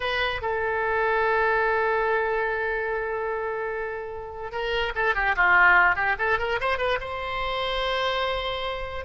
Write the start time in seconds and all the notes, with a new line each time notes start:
0.00 B4
0.41 A4
4.51 A#4
4.95 A4
5.15 G4
5.36 F4
5.95 G4
6.18 A4
6.38 A#4
6.60 C5
6.78 B4
7.00 C5